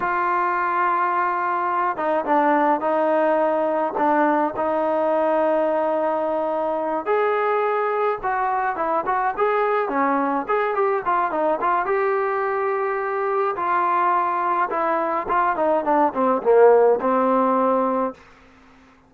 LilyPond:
\new Staff \with { instrumentName = "trombone" } { \time 4/4 \tempo 4 = 106 f'2.~ f'8 dis'8 | d'4 dis'2 d'4 | dis'1~ | dis'8 gis'2 fis'4 e'8 |
fis'8 gis'4 cis'4 gis'8 g'8 f'8 | dis'8 f'8 g'2. | f'2 e'4 f'8 dis'8 | d'8 c'8 ais4 c'2 | }